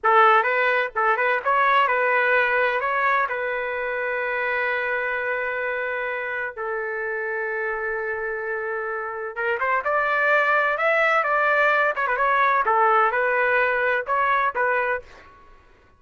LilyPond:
\new Staff \with { instrumentName = "trumpet" } { \time 4/4 \tempo 4 = 128 a'4 b'4 a'8 b'8 cis''4 | b'2 cis''4 b'4~ | b'1~ | b'2 a'2~ |
a'1 | ais'8 c''8 d''2 e''4 | d''4. cis''16 b'16 cis''4 a'4 | b'2 cis''4 b'4 | }